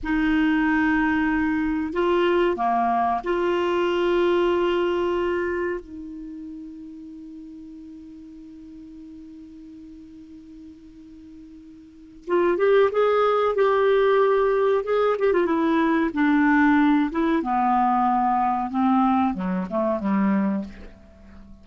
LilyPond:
\new Staff \with { instrumentName = "clarinet" } { \time 4/4 \tempo 4 = 93 dis'2. f'4 | ais4 f'2.~ | f'4 dis'2.~ | dis'1~ |
dis'2. f'8 g'8 | gis'4 g'2 gis'8 g'16 f'16 | e'4 d'4. e'8 b4~ | b4 c'4 fis8 a8 g4 | }